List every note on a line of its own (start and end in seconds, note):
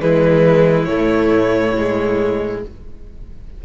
0.00 0.87 E3
0.00 0.87 G#3
0.00 2.63 E4
0.00 0.84 B4
0.84 2.61 A2
0.84 1.75 A3
0.84 2.58 C#5
1.77 2.64 G#3